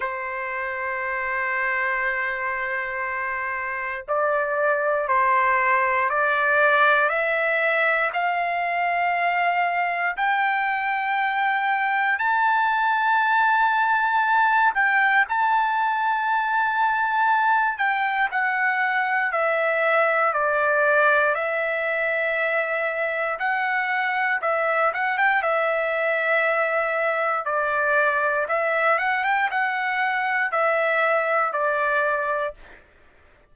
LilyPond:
\new Staff \with { instrumentName = "trumpet" } { \time 4/4 \tempo 4 = 59 c''1 | d''4 c''4 d''4 e''4 | f''2 g''2 | a''2~ a''8 g''8 a''4~ |
a''4. g''8 fis''4 e''4 | d''4 e''2 fis''4 | e''8 fis''16 g''16 e''2 d''4 | e''8 fis''16 g''16 fis''4 e''4 d''4 | }